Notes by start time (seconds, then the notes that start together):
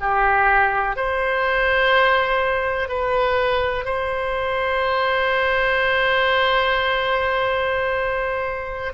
0.00 G4
0.96 C5
2.88 B4
3.85 C5